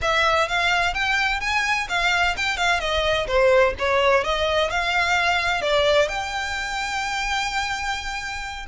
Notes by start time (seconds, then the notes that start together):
0.01 E5
0.48 F5
0.94 G5
1.40 G#5
1.89 F5
2.37 G5
2.57 F5
2.80 D#5
3.27 C5
3.79 C#5
4.24 D#5
4.70 F5
5.61 D5
6.08 G5